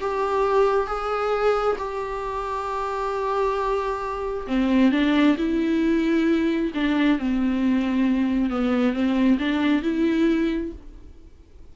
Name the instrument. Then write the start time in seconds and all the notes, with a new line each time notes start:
viola
0.00 G4
0.87 G#4
1.78 G4
4.47 C4
4.92 D4
5.37 E4
6.74 D4
7.18 C4
8.50 B3
8.93 C4
9.39 D4
9.82 E4